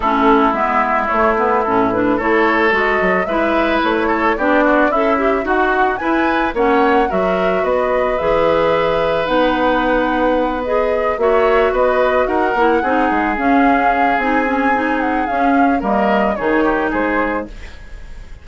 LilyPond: <<
  \new Staff \with { instrumentName = "flute" } { \time 4/4 \tempo 4 = 110 a'4 e''4 cis''8 b'8 a'8 b'8 | cis''4 dis''4 e''4 cis''4 | d''4 e''4 fis''4 gis''4 | fis''4 e''4 dis''4 e''4~ |
e''4 fis''2~ fis''8 dis''8~ | dis''8 e''4 dis''4 fis''4.~ | fis''8 f''4. gis''4. fis''8 | f''4 dis''4 cis''4 c''4 | }
  \new Staff \with { instrumentName = "oboe" } { \time 4/4 e'1 | a'2 b'4. a'8 | g'8 fis'8 e'4 fis'4 b'4 | cis''4 ais'4 b'2~ |
b'1~ | b'8 cis''4 b'4 ais'4 gis'8~ | gis'1~ | gis'4 ais'4 gis'8 g'8 gis'4 | }
  \new Staff \with { instrumentName = "clarinet" } { \time 4/4 cis'4 b4 a8 b8 cis'8 d'8 | e'4 fis'4 e'2 | d'4 a'8 g'8 fis'4 e'4 | cis'4 fis'2 gis'4~ |
gis'4 dis'2~ dis'8 gis'8~ | gis'8 fis'2~ fis'8 e'8 dis'8~ | dis'8 cis'4. dis'8 cis'8 dis'4 | cis'4 ais4 dis'2 | }
  \new Staff \with { instrumentName = "bassoon" } { \time 4/4 a4 gis4 a4 a,4 | a4 gis8 fis8 gis4 a4 | b4 cis'4 dis'4 e'4 | ais4 fis4 b4 e4~ |
e4 b2.~ | b8 ais4 b4 dis'8 ais8 c'8 | gis8 cis'4. c'2 | cis'4 g4 dis4 gis4 | }
>>